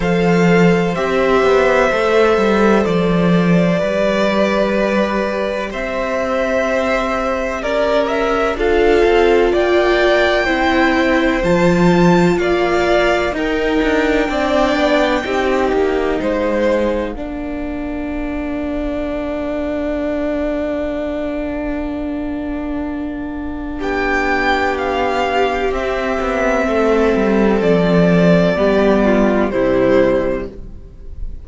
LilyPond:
<<
  \new Staff \with { instrumentName = "violin" } { \time 4/4 \tempo 4 = 63 f''4 e''2 d''4~ | d''2 e''2 | d''8 e''8 f''4 g''2 | a''4 f''4 g''2~ |
g''4 f''2.~ | f''1~ | f''4 g''4 f''4 e''4~ | e''4 d''2 c''4 | }
  \new Staff \with { instrumentName = "violin" } { \time 4/4 c''1 | b'2 c''2 | ais'4 a'4 d''4 c''4~ | c''4 d''4 ais'4 d''4 |
g'4 c''4 ais'2~ | ais'1~ | ais'4 g'2. | a'2 g'8 f'8 e'4 | }
  \new Staff \with { instrumentName = "viola" } { \time 4/4 a'4 g'4 a'2 | g'1~ | g'4 f'2 e'4 | f'2 dis'4 d'4 |
dis'2 d'2~ | d'1~ | d'2. c'4~ | c'2 b4 g4 | }
  \new Staff \with { instrumentName = "cello" } { \time 4/4 f4 c'8 b8 a8 g8 f4 | g2 c'2 | cis'4 d'8 c'8 ais4 c'4 | f4 ais4 dis'8 d'8 c'8 b8 |
c'8 ais8 gis4 ais2~ | ais1~ | ais4 b2 c'8 b8 | a8 g8 f4 g4 c4 | }
>>